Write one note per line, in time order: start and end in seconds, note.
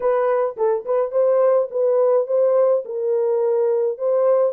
0.00 0.56 B4
0.56 0.85 A4
0.85 1.11 B4
1.11 1.68 C5
1.70 2.27 B4
2.27 2.83 C5
2.85 3.98 A#4
3.98 4.52 C5